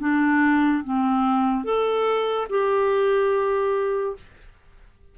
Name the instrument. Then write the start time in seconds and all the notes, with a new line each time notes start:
clarinet
0.00 D4
0.84 C4
1.64 A4
2.50 G4